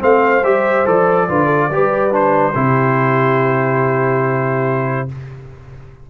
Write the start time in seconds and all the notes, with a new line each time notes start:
0.00 A3 C4 C5 F5
0.43 G3 G4 E5
0.86 F3 A4 D5
1.29 D3 F4 B4
1.46 A4
1.70 G3 G4 B4
2.11 D4 C5
2.54 C3 E4 G4